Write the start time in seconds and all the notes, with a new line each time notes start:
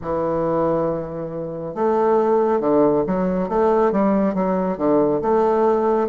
0.01 E3
1.74 A3
2.60 D3
3.07 F#3
3.48 A3
3.91 G3
4.34 F#3
4.77 D3
5.21 A3